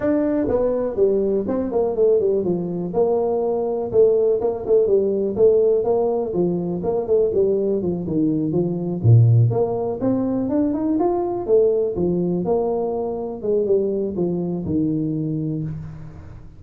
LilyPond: \new Staff \with { instrumentName = "tuba" } { \time 4/4 \tempo 4 = 123 d'4 b4 g4 c'8 ais8 | a8 g8 f4 ais2 | a4 ais8 a8 g4 a4 | ais4 f4 ais8 a8 g4 |
f8 dis4 f4 ais,4 ais8~ | ais8 c'4 d'8 dis'8 f'4 a8~ | a8 f4 ais2 gis8 | g4 f4 dis2 | }